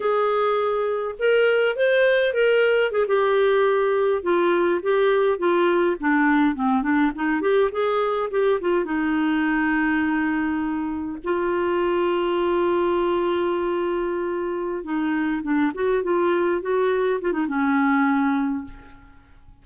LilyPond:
\new Staff \with { instrumentName = "clarinet" } { \time 4/4 \tempo 4 = 103 gis'2 ais'4 c''4 | ais'4 gis'16 g'2 f'8.~ | f'16 g'4 f'4 d'4 c'8 d'16~ | d'16 dis'8 g'8 gis'4 g'8 f'8 dis'8.~ |
dis'2.~ dis'16 f'8.~ | f'1~ | f'4. dis'4 d'8 fis'8 f'8~ | f'8 fis'4 f'16 dis'16 cis'2 | }